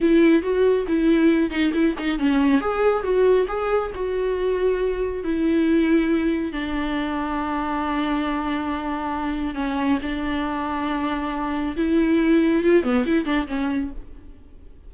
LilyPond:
\new Staff \with { instrumentName = "viola" } { \time 4/4 \tempo 4 = 138 e'4 fis'4 e'4. dis'8 | e'8 dis'8 cis'4 gis'4 fis'4 | gis'4 fis'2. | e'2. d'4~ |
d'1~ | d'2 cis'4 d'4~ | d'2. e'4~ | e'4 f'8 b8 e'8 d'8 cis'4 | }